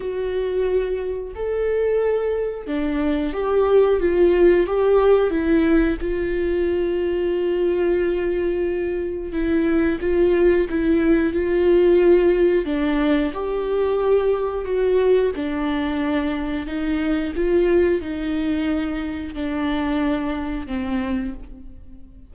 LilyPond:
\new Staff \with { instrumentName = "viola" } { \time 4/4 \tempo 4 = 90 fis'2 a'2 | d'4 g'4 f'4 g'4 | e'4 f'2.~ | f'2 e'4 f'4 |
e'4 f'2 d'4 | g'2 fis'4 d'4~ | d'4 dis'4 f'4 dis'4~ | dis'4 d'2 c'4 | }